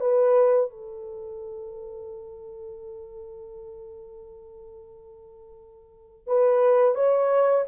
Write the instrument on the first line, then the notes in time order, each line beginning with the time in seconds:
horn
0.00 B4
0.70 A4
6.27 B4
6.95 C#5